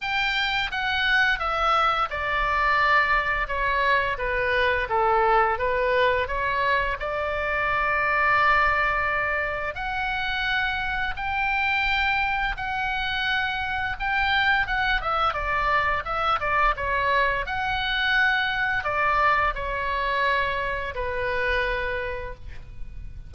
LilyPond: \new Staff \with { instrumentName = "oboe" } { \time 4/4 \tempo 4 = 86 g''4 fis''4 e''4 d''4~ | d''4 cis''4 b'4 a'4 | b'4 cis''4 d''2~ | d''2 fis''2 |
g''2 fis''2 | g''4 fis''8 e''8 d''4 e''8 d''8 | cis''4 fis''2 d''4 | cis''2 b'2 | }